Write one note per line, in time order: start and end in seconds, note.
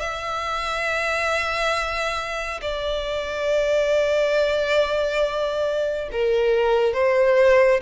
0.00 2.61 E5
2.62 6.09 D5
6.12 6.94 A#4
6.94 7.81 C5